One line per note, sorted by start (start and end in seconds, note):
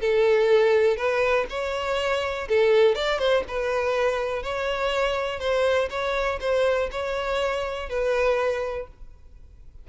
0.00 0.97 A4
0.97 1.46 B4
1.50 2.48 C#5
2.48 2.95 A4
2.95 3.19 D5
3.19 3.43 C5
3.48 4.42 B4
4.42 5.39 C#5
5.39 5.88 C5
5.90 6.39 C#5
6.40 6.89 C5
6.91 7.89 C#5
7.89 8.87 B4